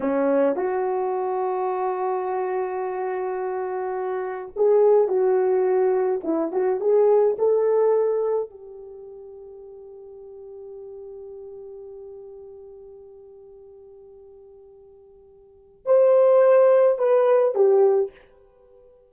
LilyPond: \new Staff \with { instrumentName = "horn" } { \time 4/4 \tempo 4 = 106 cis'4 fis'2.~ | fis'1 | gis'4 fis'2 e'8 fis'8 | gis'4 a'2 g'4~ |
g'1~ | g'1~ | g'1 | c''2 b'4 g'4 | }